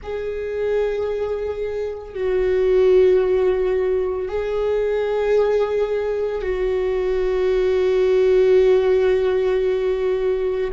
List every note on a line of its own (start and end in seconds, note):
0.02 2.14 G#4
2.14 4.28 F#4
4.28 6.42 G#4
6.42 10.70 F#4